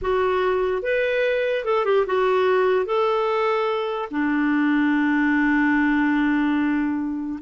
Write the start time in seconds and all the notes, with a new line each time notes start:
0.01 F#4
0.82 B4
1.64 A4
1.85 G4
2.06 F#4
2.85 A4
4.10 D4